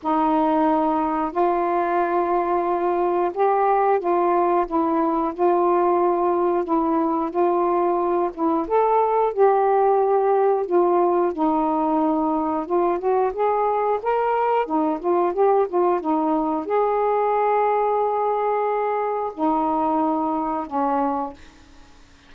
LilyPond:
\new Staff \with { instrumentName = "saxophone" } { \time 4/4 \tempo 4 = 90 dis'2 f'2~ | f'4 g'4 f'4 e'4 | f'2 e'4 f'4~ | f'8 e'8 a'4 g'2 |
f'4 dis'2 f'8 fis'8 | gis'4 ais'4 dis'8 f'8 g'8 f'8 | dis'4 gis'2.~ | gis'4 dis'2 cis'4 | }